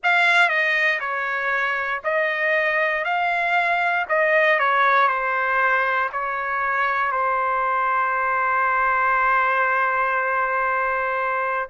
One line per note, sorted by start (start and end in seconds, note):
0.03 0.49 F5
0.49 0.99 D#5
0.99 2.01 C#5
2.03 3.04 D#5
3.04 4.06 F5
4.09 4.59 D#5
4.59 5.08 C#5
5.08 6.09 C5
6.12 7.11 C#5
7.11 11.69 C5